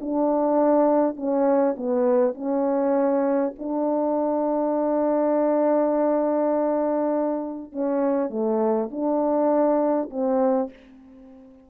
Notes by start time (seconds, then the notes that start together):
0.00 D4
1.16 C#4
1.77 B3
2.34 C#4
3.58 D4
7.72 C#4
8.30 A3
8.91 D4
10.10 C4